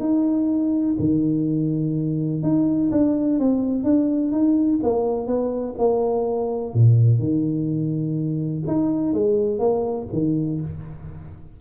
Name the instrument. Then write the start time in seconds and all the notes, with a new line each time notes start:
tuba
0.00 D#4
0.99 D#3
2.43 D#4
2.92 D4
3.39 C4
3.84 D4
4.32 D#4
4.83 A#3
5.27 B3
5.78 A#3
6.74 A#2
7.19 D#3
8.67 D#4
9.14 G#3
9.59 A#3
10.13 D#3